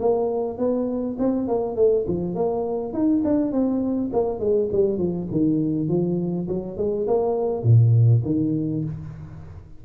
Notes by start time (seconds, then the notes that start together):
0.00 A#3
0.58 B3
1.19 C4
1.47 A#3
1.76 A3
2.07 F3
2.35 A#3
2.93 D#4
3.24 D4
3.52 C4
4.13 A#3
4.40 G#3
4.72 G3
4.98 F3
5.31 D#3
5.88 F3
6.48 F#3
6.77 G#3
7.07 A#3
7.63 A#2
8.25 D#3